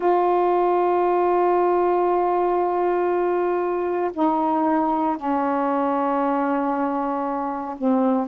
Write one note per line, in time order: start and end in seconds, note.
0.00 4.11 F4
4.13 5.17 D#4
5.17 7.75 C#4
7.77 8.27 C4